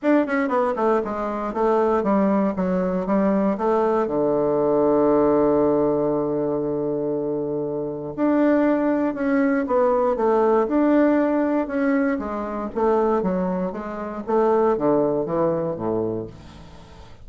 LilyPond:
\new Staff \with { instrumentName = "bassoon" } { \time 4/4 \tempo 4 = 118 d'8 cis'8 b8 a8 gis4 a4 | g4 fis4 g4 a4 | d1~ | d1 |
d'2 cis'4 b4 | a4 d'2 cis'4 | gis4 a4 fis4 gis4 | a4 d4 e4 a,4 | }